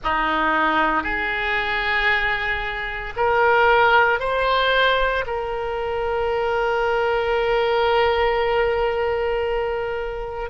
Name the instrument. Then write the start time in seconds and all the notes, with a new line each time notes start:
oboe
0.03 D#4
1.03 G#4
3.16 A#4
4.19 C5
5.26 A#4